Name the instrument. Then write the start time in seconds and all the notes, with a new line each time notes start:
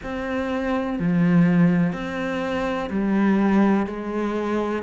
cello
0.03 C4
0.99 F3
1.93 C4
2.89 G3
3.86 G#3